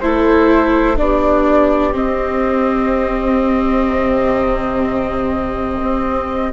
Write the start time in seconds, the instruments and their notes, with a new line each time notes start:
0.00 bassoon A3, viola E4, clarinet A4, flute C5
0.97 bassoon B3, viola D4, clarinet G4, flute D5
1.92 viola C4, bassoon C4, flute D#5
3.87 bassoon C3
5.82 bassoon C4